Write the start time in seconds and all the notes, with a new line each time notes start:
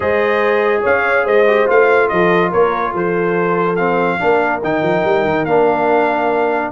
0.00 G#3 G#4 C5 D#5
0.81 C#4 C#5 F5
1.23 G#3 C5 D#5
1.47 G4
1.66 A3 F4 F5
2.09 F3 A4 D#5
2.50 A#3 A#4 C#5
2.92 F3 A4 C5
3.76 C4 F5
4.18 A#3 D4 A#4
4.63 D#3 D#4 G5
4.82 F3
5.04 G3
5.24 D#3
5.45 A#3 D4 F5